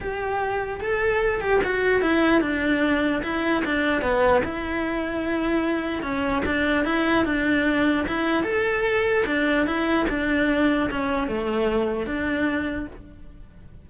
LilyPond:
\new Staff \with { instrumentName = "cello" } { \time 4/4 \tempo 4 = 149 g'2 a'4. g'8 | fis'4 e'4 d'2 | e'4 d'4 b4 e'4~ | e'2. cis'4 |
d'4 e'4 d'2 | e'4 a'2 d'4 | e'4 d'2 cis'4 | a2 d'2 | }